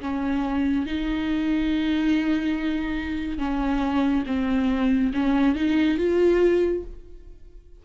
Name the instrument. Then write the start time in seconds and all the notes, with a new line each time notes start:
viola
0.00 C#4
0.86 D#4
3.38 C#4
4.26 C4
5.14 C#4
5.55 D#4
5.97 F4